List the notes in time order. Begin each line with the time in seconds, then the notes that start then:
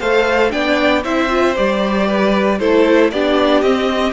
0.00 A3 A4 C5 F5
0.50 B3 D4 D5 G5
1.04 C4 E4 C5 E5
1.29 F4
1.56 G3 G4 D5
2.07 B4
2.59 A3 E4 A4 C5
3.11 B3 D4 G4 D5
3.61 C4 D#5